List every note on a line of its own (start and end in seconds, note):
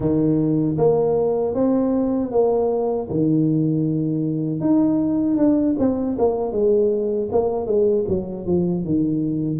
0.00 0.77 D#3
0.77 1.54 A#3
1.54 2.31 C4
2.31 3.08 A#3
3.09 4.60 D#3
4.60 5.37 D#4
5.37 5.75 D4
5.79 6.17 C4
6.18 6.51 A#3
6.51 7.28 G#3
7.31 7.66 A#3
7.66 8.05 G#3
8.08 8.45 F#3
8.45 8.84 F3
8.84 9.59 D#3